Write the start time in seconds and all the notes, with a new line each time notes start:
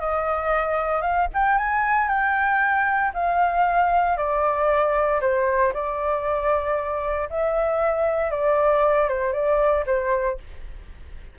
0.00 D#5
1.02 F5
1.34 G5
1.58 G#5
2.09 G5
3.14 F5
4.17 D5
5.21 C5
5.74 D5
7.30 E5
8.31 D5
9.09 C5
9.33 D5
9.87 C5